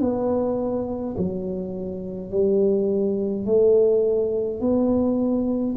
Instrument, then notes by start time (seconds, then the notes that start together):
tuba
0.00 B3
1.17 F#3
2.31 G3
3.46 A3
4.60 B3